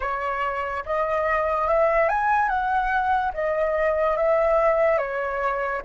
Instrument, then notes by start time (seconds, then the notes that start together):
flute
0.00 C#5
0.85 D#5
1.67 E5
2.08 G#5
2.48 F#5
3.33 D#5
4.17 E5
4.98 C#5